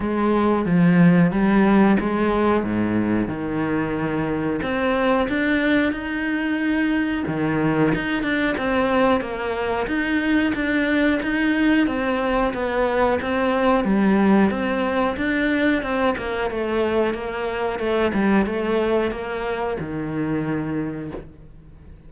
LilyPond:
\new Staff \with { instrumentName = "cello" } { \time 4/4 \tempo 4 = 91 gis4 f4 g4 gis4 | gis,4 dis2 c'4 | d'4 dis'2 dis4 | dis'8 d'8 c'4 ais4 dis'4 |
d'4 dis'4 c'4 b4 | c'4 g4 c'4 d'4 | c'8 ais8 a4 ais4 a8 g8 | a4 ais4 dis2 | }